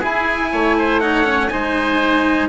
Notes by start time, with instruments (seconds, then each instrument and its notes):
0.00 bassoon E4, cello E4, oboe G#4, trumpet G#5
0.52 bassoon A3, oboe C#5
0.78 oboe C5
1.00 cello D#4, oboe C#5, trumpet F#5
1.25 cello C#4
1.49 bassoon G#3, cello D#4, oboe C5, trumpet G#5